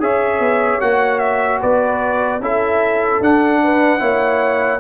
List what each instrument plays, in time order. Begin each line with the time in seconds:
0.00 tuba C#4, trombone G#4, horn C#5, trumpet E5
0.40 tuba B3
0.81 tuba A#3, trombone F#4, trumpet F#5
1.19 trumpet E5
1.61 tuba B3, horn B4, trumpet D5
2.40 tuba C#4, trombone E4, horn A4, trumpet E5
3.21 tuba D4, trombone D4, trumpet F#5
3.63 horn B4
4.00 tuba A#3, trombone E4, horn C#5